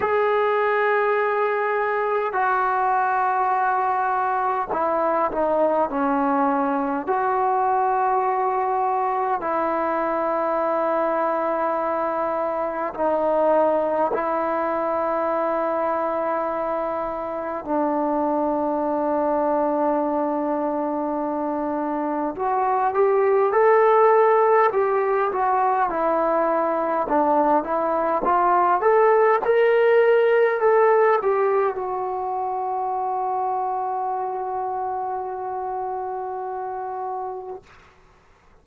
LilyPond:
\new Staff \with { instrumentName = "trombone" } { \time 4/4 \tempo 4 = 51 gis'2 fis'2 | e'8 dis'8 cis'4 fis'2 | e'2. dis'4 | e'2. d'4~ |
d'2. fis'8 g'8 | a'4 g'8 fis'8 e'4 d'8 e'8 | f'8 a'8 ais'4 a'8 g'8 fis'4~ | fis'1 | }